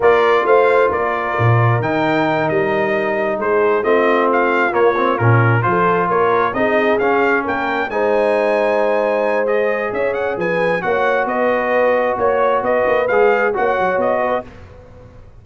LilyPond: <<
  \new Staff \with { instrumentName = "trumpet" } { \time 4/4 \tempo 4 = 133 d''4 f''4 d''2 | g''4. dis''2 c''8~ | c''8 dis''4 f''4 cis''4 ais'8~ | ais'8 c''4 cis''4 dis''4 f''8~ |
f''8 g''4 gis''2~ gis''8~ | gis''4 dis''4 e''8 fis''8 gis''4 | fis''4 dis''2 cis''4 | dis''4 f''4 fis''4 dis''4 | }
  \new Staff \with { instrumentName = "horn" } { \time 4/4 ais'4 c''4 ais'2~ | ais'2.~ ais'8 gis'8~ | gis'8 f'2.~ f'8~ | f'8 a'4 ais'4 gis'4.~ |
gis'8 ais'4 c''2~ c''8~ | c''2 cis''4 b'4 | cis''4 b'2 cis''4 | b'2 cis''4. b'8 | }
  \new Staff \with { instrumentName = "trombone" } { \time 4/4 f'1 | dis'1~ | dis'8 c'2 ais8 c'8 cis'8~ | cis'8 f'2 dis'4 cis'8~ |
cis'4. dis'2~ dis'8~ | dis'4 gis'2. | fis'1~ | fis'4 gis'4 fis'2 | }
  \new Staff \with { instrumentName = "tuba" } { \time 4/4 ais4 a4 ais4 ais,4 | dis4. g2 gis8~ | gis8 a2 ais4 ais,8~ | ais,8 f4 ais4 c'4 cis'8~ |
cis'8 ais4 gis2~ gis8~ | gis2 cis'4 f4 | ais4 b2 ais4 | b8 ais8 gis4 ais8 fis8 b4 | }
>>